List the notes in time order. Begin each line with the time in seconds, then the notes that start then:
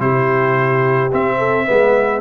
0.00 C3 E4 G4 C5
1.12 C4 E5
1.38 A4
1.67 G#3 B3 B4